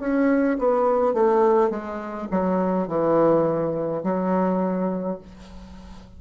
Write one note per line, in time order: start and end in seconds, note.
0.00 0.58 C#4
0.59 1.14 B3
1.14 1.70 A3
1.70 2.28 G#3
2.31 2.88 F#3
2.88 4.03 E3
4.04 5.19 F#3